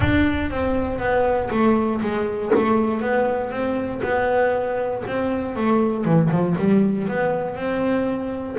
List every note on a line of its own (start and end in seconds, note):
0.00 0.50 D4
0.50 0.99 C4
0.99 1.49 B3
1.50 2.01 A3
2.01 2.51 G#3
2.55 3.01 A3
3.01 3.50 B3
3.50 4.01 C4
4.02 5.03 B3
5.07 5.56 C4
5.56 6.04 A3
6.04 6.30 E3
6.30 6.56 F3
6.58 7.07 G3
7.07 7.55 B3
7.55 8.56 C4